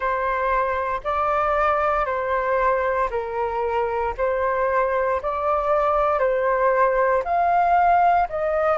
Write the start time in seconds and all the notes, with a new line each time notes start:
0.00 C5
1.03 D5
2.05 C5
3.10 A#4
4.17 C5
5.22 D5
6.19 C5
7.24 F5
8.29 D#5